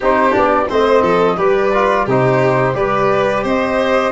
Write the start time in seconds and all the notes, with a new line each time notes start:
0.00 C4 D#4 G4 C5
0.31 B3 D4 D5
0.69 A3 C4 C5 D#5
1.01 F3 A4
1.37 G3 G4 B4 D5
1.73 F4
2.05 C3 D#4 G4 C5
2.74 G3 G4 B4 D5
3.43 C4 C5 D#5